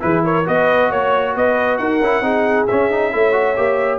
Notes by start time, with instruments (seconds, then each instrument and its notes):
0.00 tuba E3, trombone E4, horn G#4, trumpet B4
0.24 horn A#4, trumpet C#5
0.45 tuba B3, trombone F#4, horn B4, trumpet D#5
0.90 tuba A#3, horn C#5, trumpet C#5
1.36 tuba B3, horn B4, trumpet D#5
1.78 tuba D#4, horn A#4, trumpet F#5
2.00 tuba C#4, trombone E4
2.21 tuba C4, trombone D#4, horn G#4
2.67 trombone C#4, tuba C#4, trumpet E5
2.91 trombone D#4
3.12 tuba A3, trombone E4, horn C#5
3.32 trombone F#4
3.56 tuba A#3, trombone G4